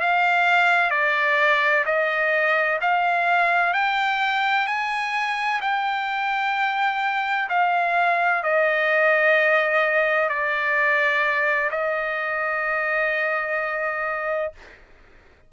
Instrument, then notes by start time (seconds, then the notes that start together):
trumpet
0.00 F5
0.90 D5
1.85 D#5
2.81 F5
3.74 G5
4.67 G#5
5.61 G5
7.49 F5
8.43 D#5
10.29 D5
11.71 D#5